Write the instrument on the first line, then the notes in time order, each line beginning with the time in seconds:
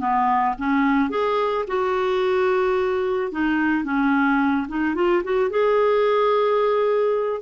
clarinet
0.00 B3
0.59 C#4
1.10 G#4
1.68 F#4
3.32 D#4
3.84 C#4
4.68 D#4
4.95 F4
5.24 F#4
5.50 G#4